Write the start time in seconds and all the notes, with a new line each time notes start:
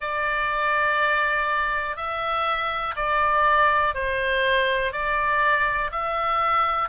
0.00 D5
1.96 E5
2.96 D5
3.94 C5
4.92 D5
5.92 E5